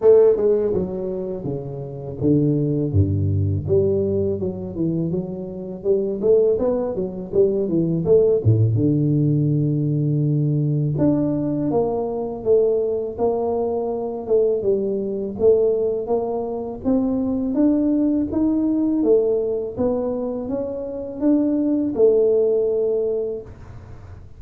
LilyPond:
\new Staff \with { instrumentName = "tuba" } { \time 4/4 \tempo 4 = 82 a8 gis8 fis4 cis4 d4 | g,4 g4 fis8 e8 fis4 | g8 a8 b8 fis8 g8 e8 a8 a,8 | d2. d'4 |
ais4 a4 ais4. a8 | g4 a4 ais4 c'4 | d'4 dis'4 a4 b4 | cis'4 d'4 a2 | }